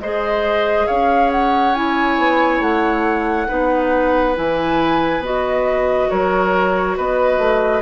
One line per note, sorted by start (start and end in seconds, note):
0.00 0.87 G#3
0.00 1.75 G#4
0.00 0.87 C5
0.00 0.87 D#5
0.87 2.18 C#4
0.87 3.48 C#5
0.87 1.31 F5
1.32 1.75 F#5
1.75 3.48 E4
1.75 2.62 G#5
2.18 2.60 B3
2.60 3.47 A3
2.60 4.36 F#5
3.48 4.38 B3
3.48 4.35 D#4
3.48 6.09 B4
4.36 5.19 E3
4.36 5.22 E4
4.36 5.24 G#5
5.19 6.06 B3
5.19 7.83 F#4
5.19 6.10 D#5
6.10 6.98 F#3
6.10 6.97 A#4
6.10 6.97 C#5
6.97 7.39 B3
6.97 7.83 B4
6.97 7.83 D#5
7.39 7.82 A3